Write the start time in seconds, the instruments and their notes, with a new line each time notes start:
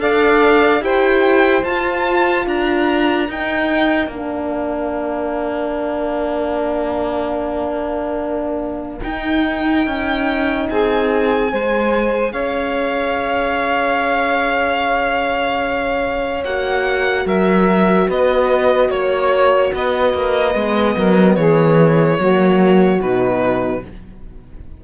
0.00 cello D4, horn A4, saxophone D5, violin F5
0.81 cello E4, horn G4, saxophone C5, violin G5
1.64 cello F4, horn F4, violin A5
2.46 cello D4, saxophone A#4, violin A#5
3.29 cello D#4, horn D#4, violin G5
4.08 cello A#3, horn D4, violin F5
9.04 cello D#4, horn D#4, violin G5
9.87 cello C#4
10.70 cello C4, saxophone G#4, violin G#5
11.52 cello G#3, horn G#4, saxophone C5
12.32 cello C#4, saxophone C#5, violin F5
16.45 cello A#3, horn F#4, violin F#5
17.26 cello F#3, saxophone A#4, violin E5
18.08 cello B3, saxophone B4, violin D#5
18.90 cello A#3, violin C#5, saxophone C#5
19.73 cello B3, saxophone B4, violin D#5
20.14 cello A#3
20.55 cello G#3, horn B3
20.97 cello F#3, saxophone A#4
21.36 cello E3, saxophone G#4, violin C#5
22.19 cello F#3, horn A#3, saxophone F#4
23.01 cello B2, horn D#4, violin B4